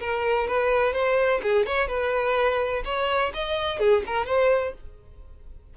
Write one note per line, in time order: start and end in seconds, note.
0.00 0.48 A#4
0.48 0.93 B4
0.93 1.41 C5
1.43 1.66 G#4
1.66 1.88 C#5
1.88 2.83 B4
2.85 3.32 C#5
3.34 3.80 D#5
3.80 4.03 G#4
4.06 4.26 A#4
4.26 4.74 C5